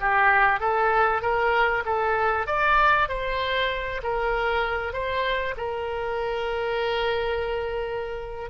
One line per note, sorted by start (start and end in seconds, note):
0.00 0.60 G4
0.60 1.22 A4
1.22 1.84 A#4
1.86 2.47 A4
2.47 3.08 D5
3.08 4.01 C5
4.03 4.93 A#4
4.93 5.55 C5
5.57 8.50 A#4